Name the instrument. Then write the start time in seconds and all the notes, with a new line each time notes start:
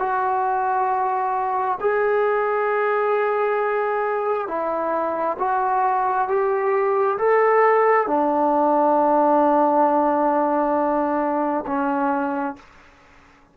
trombone
0.00 F#4
1.81 G#4
4.48 E4
5.39 F#4
6.28 G4
7.19 A4
8.07 D4
11.67 C#4